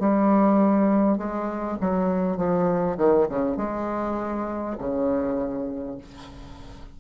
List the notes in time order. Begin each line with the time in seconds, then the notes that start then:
0.00 G3
1.18 G#3
1.81 F#3
2.37 F3
2.98 D#3
3.29 C#3
3.57 G#3
4.79 C#3